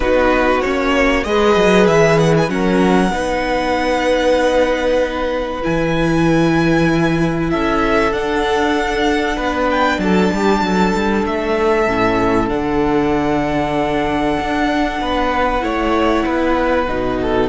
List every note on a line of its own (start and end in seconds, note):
0.00 0.62 B3
0.00 0.62 D#4
0.00 1.26 F#4
0.00 0.61 B4
0.61 1.25 A#3
0.61 1.24 C#4
0.61 1.23 C#5
1.23 1.56 G#3
1.23 2.48 G#4
1.23 2.52 B4
1.23 1.86 D#5
1.56 1.87 F#3
1.87 2.48 E3
1.87 2.18 E5
2.18 2.34 F#5
2.37 2.50 G#5
2.48 3.09 F#3
2.48 3.11 C#4
2.48 3.14 A#4
2.48 5.62 F#5
3.09 5.59 B3
3.09 5.62 D#4
3.09 7.50 B4
5.62 7.53 E3
5.62 8.12 E4
5.62 7.50 G#5
7.50 8.11 C#4
7.50 9.36 A4
7.50 8.12 E5
8.11 9.36 D4
8.11 11.86 D4
8.11 9.69 F#5
9.36 9.98 B3
9.36 9.98 B4
9.70 10.00 G5
9.98 10.29 F#3
9.98 10.33 A4
9.98 11.25 A5
10.32 10.61 G3
10.32 10.65 G4
10.61 10.92 F#3
10.61 15.01 A4
10.95 11.25 G3
11.25 11.87 A3
11.25 12.48 E5
11.86 12.50 A2
11.86 12.48 C#4
12.48 14.37 D3
12.48 15.60 D4
12.48 17.48 F#5
14.39 15.01 D4
15.01 15.62 B3
15.01 15.64 B4
15.60 16.24 A3
15.60 16.85 E4
15.60 16.25 C#5
16.25 16.88 B3
16.25 17.18 B4
16.88 17.49 B2
16.88 17.49 D#4
17.21 17.49 A4